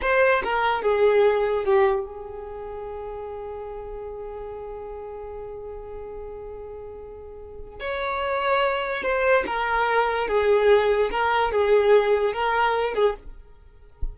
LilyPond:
\new Staff \with { instrumentName = "violin" } { \time 4/4 \tempo 4 = 146 c''4 ais'4 gis'2 | g'4 gis'2.~ | gis'1~ | gis'1~ |
gis'2. cis''4~ | cis''2 c''4 ais'4~ | ais'4 gis'2 ais'4 | gis'2 ais'4. gis'8 | }